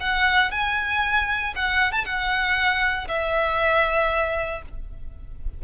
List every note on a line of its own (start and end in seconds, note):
0.00 0.51 F#5
0.51 1.54 G#5
1.55 1.92 F#5
1.92 2.05 A5
2.05 3.08 F#5
3.08 4.62 E5